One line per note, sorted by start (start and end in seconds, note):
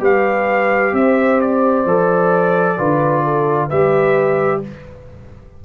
0.00 0.93 G3
0.00 1.85 G4
0.00 0.93 B4
0.00 0.95 F5
0.93 1.85 C4
0.93 2.78 C5
0.93 1.41 E5
1.41 3.69 D5
1.85 2.77 F3
1.85 2.78 A4
2.78 3.71 D3
2.78 3.70 F4
2.78 3.23 B4
3.23 3.68 A4
3.68 4.65 G3
3.68 4.63 G4
3.68 4.61 B4
3.68 4.62 E5